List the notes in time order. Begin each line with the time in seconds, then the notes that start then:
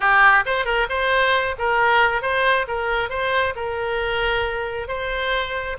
0.00 G4
0.45 C5
0.65 A#4
0.89 C5
1.58 A#4
2.22 C5
2.67 A#4
3.09 C5
3.55 A#4
4.88 C5